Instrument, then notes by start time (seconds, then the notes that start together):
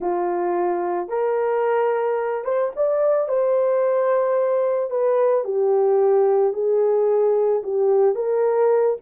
horn
0.00 F4
1.08 A#4
2.44 C5
2.75 D5
3.28 C5
4.90 B4
5.44 G4
6.53 G#4
7.63 G4
8.15 A#4